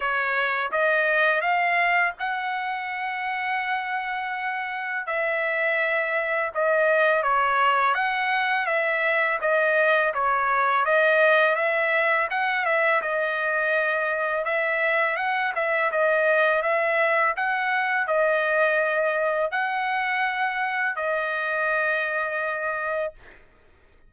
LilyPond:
\new Staff \with { instrumentName = "trumpet" } { \time 4/4 \tempo 4 = 83 cis''4 dis''4 f''4 fis''4~ | fis''2. e''4~ | e''4 dis''4 cis''4 fis''4 | e''4 dis''4 cis''4 dis''4 |
e''4 fis''8 e''8 dis''2 | e''4 fis''8 e''8 dis''4 e''4 | fis''4 dis''2 fis''4~ | fis''4 dis''2. | }